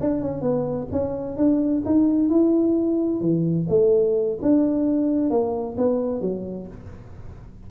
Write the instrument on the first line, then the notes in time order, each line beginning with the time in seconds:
tuba
0.00 D4
0.21 C#4
0.41 B3
0.91 C#4
1.37 D4
1.85 D#4
2.29 E4
3.20 E3
3.69 A3
4.42 D4
5.30 A#3
5.77 B3
6.21 F#3